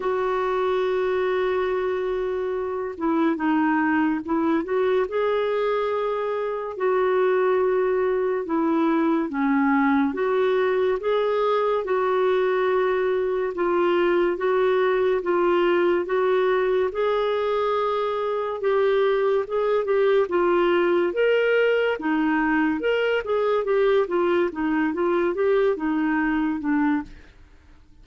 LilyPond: \new Staff \with { instrumentName = "clarinet" } { \time 4/4 \tempo 4 = 71 fis'2.~ fis'8 e'8 | dis'4 e'8 fis'8 gis'2 | fis'2 e'4 cis'4 | fis'4 gis'4 fis'2 |
f'4 fis'4 f'4 fis'4 | gis'2 g'4 gis'8 g'8 | f'4 ais'4 dis'4 ais'8 gis'8 | g'8 f'8 dis'8 f'8 g'8 dis'4 d'8 | }